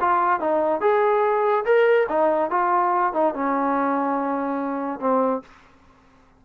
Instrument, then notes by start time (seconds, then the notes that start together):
trombone
0.00 F4
0.40 D#4
0.80 G#4
1.65 A#4
2.09 D#4
2.50 F4
3.13 D#4
3.34 C#4
5.00 C4